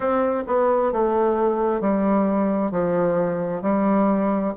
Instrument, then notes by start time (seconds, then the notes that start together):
bassoon
0.00 C4
0.46 B3
0.92 A3
1.81 G3
2.71 F3
3.62 G3